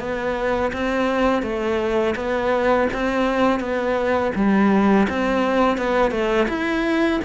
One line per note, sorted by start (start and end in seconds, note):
0.00 0.72 B3
0.73 1.43 C4
1.43 2.15 A3
2.16 2.88 B3
2.93 3.60 C4
3.60 4.32 B3
4.36 5.08 G3
5.10 5.78 C4
5.78 6.12 B3
6.12 6.48 A3
6.49 7.21 E4